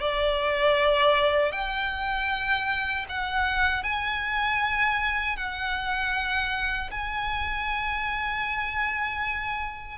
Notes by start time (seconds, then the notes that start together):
0.00 D5
1.51 G5
3.09 F#5
3.83 G#5
5.36 F#5
6.91 G#5